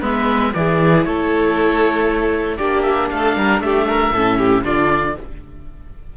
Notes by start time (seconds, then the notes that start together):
0.00 G#3 B3 B4 E5
0.54 E3 E4 G#4 D5
1.05 A3 A4 C#5
2.57 A#3 D4 G4 D5
2.83 E5
3.11 A3 A4 F5
3.37 G3 A#4
3.60 A3 G4 E5
3.88 A#4
4.11 A2 C#4 A4
4.38 G4
4.64 D3 D4 F4 D5